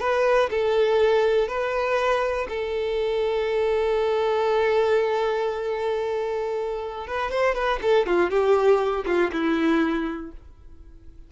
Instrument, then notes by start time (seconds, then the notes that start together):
violin
0.00 B4
0.50 A4
1.48 B4
2.49 A4
7.07 B4
7.31 C5
7.54 B4
7.82 A4
8.06 F4
8.30 G4
9.06 F4
9.32 E4